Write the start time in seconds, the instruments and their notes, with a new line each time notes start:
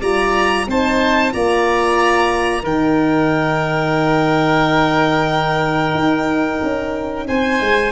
0.00 tuba G3, horn F4, oboe D5, violin A#5
0.67 tuba C4, horn D#4, oboe C5, violin A5
1.32 tuba A#3, horn F4, oboe D5, violin A#5
2.63 tuba D#3, horn D#4, oboe A#4, violin G5
5.94 tuba D#4
6.62 tuba C#4
7.27 tuba C4, oboe C5, violin G#5
7.60 tuba G#3